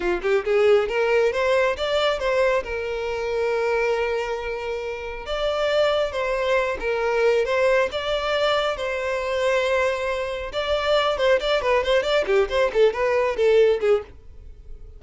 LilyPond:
\new Staff \with { instrumentName = "violin" } { \time 4/4 \tempo 4 = 137 f'8 g'8 gis'4 ais'4 c''4 | d''4 c''4 ais'2~ | ais'1 | d''2 c''4. ais'8~ |
ais'4 c''4 d''2 | c''1 | d''4. c''8 d''8 b'8 c''8 d''8 | g'8 c''8 a'8 b'4 a'4 gis'8 | }